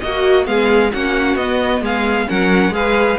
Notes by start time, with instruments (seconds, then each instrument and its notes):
0.00 cello A#3, viola F#4, violin F#4 D#5
0.44 cello G#3, viola B3, violin G#4 F5
0.92 cello A#3, viola C#4, violin F#4 F#5
1.35 cello B3, viola B3, violin D#5
1.81 cello G#3, violin G#4 F5
2.27 cello F#3, viola C#4, violin A#4 F#5
2.70 cello G#3, viola G#4, violin B4 F5